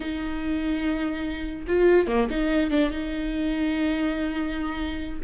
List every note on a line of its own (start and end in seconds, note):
0.00 1.66 D#4
1.67 2.07 F4
2.07 2.27 A#3
2.30 2.70 D#4
2.70 2.90 D4
2.90 5.19 D#4